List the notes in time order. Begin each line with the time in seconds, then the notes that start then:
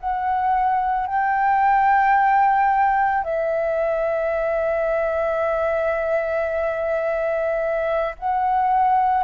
0.00 F#5
1.07 G5
3.24 E5
8.19 F#5